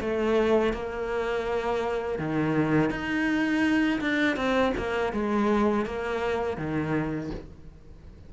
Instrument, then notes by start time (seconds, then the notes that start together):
cello
0.00 A3
0.73 A#3
2.19 D#3
2.90 D#4
4.01 D4
4.36 C4
4.77 A#3
5.13 G#3
5.85 A#3
6.57 D#3